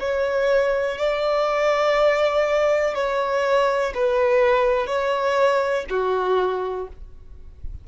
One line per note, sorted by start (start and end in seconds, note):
0.00 0.98 C#5
0.98 2.95 D5
2.95 3.93 C#5
3.95 4.87 B4
4.87 5.85 C#5
5.90 6.88 F#4